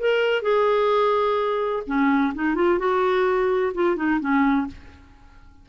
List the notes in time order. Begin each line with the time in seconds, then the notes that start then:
0.00 A#4
0.42 G#4
1.87 C#4
2.35 D#4
2.55 F4
2.79 F#4
3.74 F4
3.97 D#4
4.20 C#4